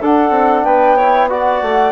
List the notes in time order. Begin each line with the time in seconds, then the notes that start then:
0.00 D4 A4 F#5
0.30 C4
0.65 B3 B4 G5
0.97 E4 C#5
1.29 F#4 D5 F#5
1.62 A3